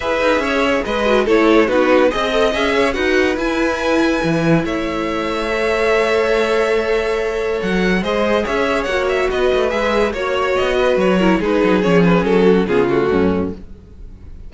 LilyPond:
<<
  \new Staff \with { instrumentName = "violin" } { \time 4/4 \tempo 4 = 142 e''2 dis''4 cis''4 | b'4 dis''4 e''4 fis''4 | gis''2. e''4~ | e''1~ |
e''2 fis''4 dis''4 | e''4 fis''8 e''8 dis''4 e''4 | cis''4 dis''4 cis''4 b'4 | cis''8 b'8 a'4 gis'8 fis'4. | }
  \new Staff \with { instrumentName = "violin" } { \time 4/4 b'4 cis''4 b'4 a'4 | fis'4 dis''4. cis''8 b'4~ | b'2. cis''4~ | cis''1~ |
cis''2. c''4 | cis''2 b'2 | cis''4. b'4 ais'8 gis'4~ | gis'4. fis'8 f'4 cis'4 | }
  \new Staff \with { instrumentName = "viola" } { \time 4/4 gis'2~ gis'8 fis'8 e'4 | dis'4 gis'8 a'8 gis'4 fis'4 | e'1~ | e'4 a'2.~ |
a'2. gis'4~ | gis'4 fis'2 gis'4 | fis'2~ fis'8 e'8 dis'4 | cis'2 b8 a4. | }
  \new Staff \with { instrumentName = "cello" } { \time 4/4 e'8 dis'8 cis'4 gis4 a4 | b4 c'4 cis'4 dis'4 | e'2 e4 a4~ | a1~ |
a2 fis4 gis4 | cis'4 ais4 b8 a8 gis4 | ais4 b4 fis4 gis8 fis8 | f4 fis4 cis4 fis,4 | }
>>